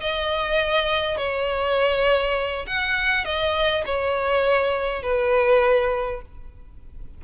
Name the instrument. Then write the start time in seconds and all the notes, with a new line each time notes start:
violin
0.00 D#5
1.17 C#5
2.67 F#5
3.25 D#5
3.86 C#5
5.03 B4